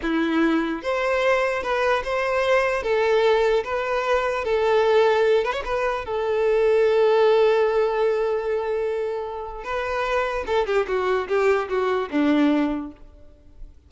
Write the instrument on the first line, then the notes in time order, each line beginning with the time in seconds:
violin
0.01 E4
0.82 C5
1.62 B4
2.04 C5
2.82 A4
3.64 B4
4.44 A4
5.44 B4
5.52 C#5
5.64 B4
6.05 A4
9.64 B4
10.46 A4
10.66 G4
10.87 F#4
11.28 G4
11.68 F#4
12.11 D4